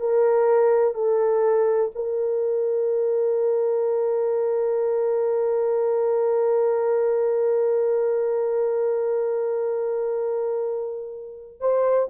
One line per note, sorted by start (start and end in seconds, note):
0.00 0.95 A#4
0.95 1.91 A4
1.95 11.61 A#4
11.61 12.09 C5